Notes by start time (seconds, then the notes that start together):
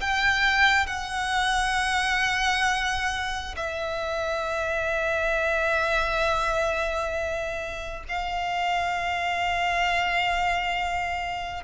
0.00 G5
0.86 F#5
3.56 E5
8.08 F5